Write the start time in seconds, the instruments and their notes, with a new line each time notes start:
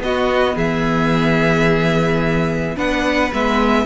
0.00 cello B3, viola B3, violin F#4 D#5
0.56 cello E3, violin G#4 E5
2.77 cello B3, viola D4, violin B4 F#5
3.33 cello G#3, viola B3, violin E5